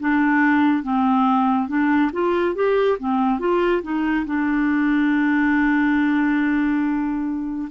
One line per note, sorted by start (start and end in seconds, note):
0.00 0.83 D4
0.83 1.68 C4
1.68 2.11 D4
2.13 2.55 F4
2.55 2.98 G4
3.00 3.40 C4
3.40 3.83 F4
3.83 4.26 D#4
4.26 7.69 D4